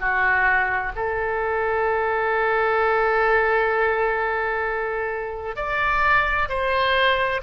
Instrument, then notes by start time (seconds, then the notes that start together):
oboe
0.00 F#4
0.96 A4
5.56 D5
6.49 C5